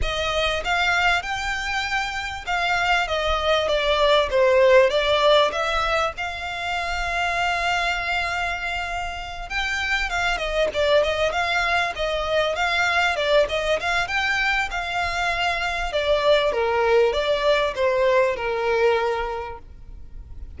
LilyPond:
\new Staff \with { instrumentName = "violin" } { \time 4/4 \tempo 4 = 98 dis''4 f''4 g''2 | f''4 dis''4 d''4 c''4 | d''4 e''4 f''2~ | f''2.~ f''8 g''8~ |
g''8 f''8 dis''8 d''8 dis''8 f''4 dis''8~ | dis''8 f''4 d''8 dis''8 f''8 g''4 | f''2 d''4 ais'4 | d''4 c''4 ais'2 | }